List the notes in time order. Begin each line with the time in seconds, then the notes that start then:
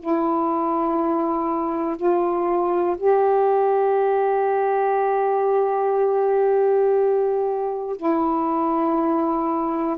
0.00 E4
1.97 F4
2.98 G4
7.97 E4